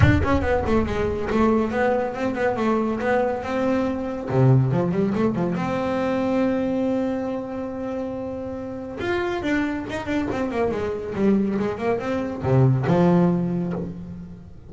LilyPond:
\new Staff \with { instrumentName = "double bass" } { \time 4/4 \tempo 4 = 140 d'8 cis'8 b8 a8 gis4 a4 | b4 c'8 b8 a4 b4 | c'2 c4 f8 g8 | a8 f8 c'2.~ |
c'1~ | c'4 f'4 d'4 dis'8 d'8 | c'8 ais8 gis4 g4 gis8 ais8 | c'4 c4 f2 | }